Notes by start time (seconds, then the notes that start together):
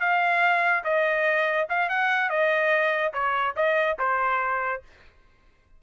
0.00 F5
0.84 D#5
1.69 F5
1.89 F#5
2.29 D#5
3.13 C#5
3.56 D#5
3.99 C5